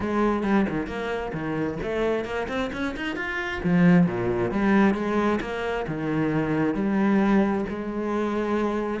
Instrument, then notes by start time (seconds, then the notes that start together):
cello
0.00 G#3
0.43 G3
0.69 D#3
0.86 A#3
1.33 D#3
1.83 A3
2.24 A#3
2.48 C4
2.72 C#4
2.96 D#4
3.16 F4
3.63 F3
4.06 A#2
4.51 G3
4.94 G#3
5.41 A#3
5.87 D#3
6.74 G3
7.69 G#3